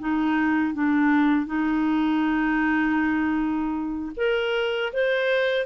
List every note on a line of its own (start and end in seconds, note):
0.00 0.74 D#4
0.74 1.46 D4
1.46 4.12 D#4
4.17 4.93 A#4
4.93 5.66 C5